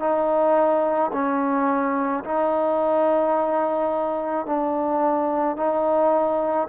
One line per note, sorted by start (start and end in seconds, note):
0.00 1.11 D#4
1.13 2.24 C#4
2.24 4.46 D#4
4.46 5.57 D4
5.57 6.68 D#4